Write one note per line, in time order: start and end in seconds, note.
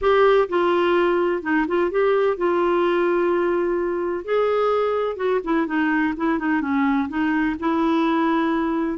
0.01 0.48 G4
0.49 1.42 F4
1.42 1.66 D#4
1.67 1.90 F4
1.90 2.37 G4
2.37 4.25 F4
4.25 5.16 G#4
5.16 5.40 F#4
5.43 5.66 E4
5.66 6.14 D#4
6.17 6.39 E4
6.39 6.61 D#4
6.61 7.08 C#4
7.08 7.56 D#4
7.59 8.98 E4